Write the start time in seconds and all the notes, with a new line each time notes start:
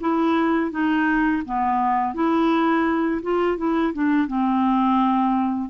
0.00 E4
0.71 D#4
1.45 B3
2.14 E4
3.22 F4
3.57 E4
3.93 D4
4.27 C4